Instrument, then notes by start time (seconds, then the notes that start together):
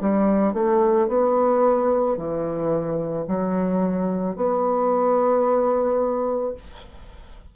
bassoon
0.00 G3
0.53 A3
1.08 B3
2.17 E3
3.27 F#3
4.36 B3